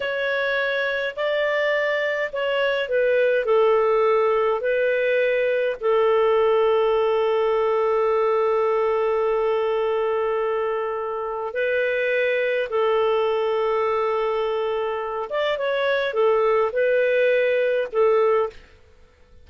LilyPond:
\new Staff \with { instrumentName = "clarinet" } { \time 4/4 \tempo 4 = 104 cis''2 d''2 | cis''4 b'4 a'2 | b'2 a'2~ | a'1~ |
a'1 | b'2 a'2~ | a'2~ a'8 d''8 cis''4 | a'4 b'2 a'4 | }